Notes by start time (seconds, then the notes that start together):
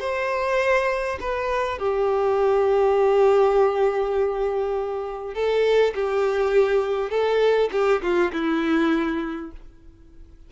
0.00 C5
1.20 B4
1.79 G4
5.35 A4
5.95 G4
7.11 A4
7.72 G4
8.03 F4
8.33 E4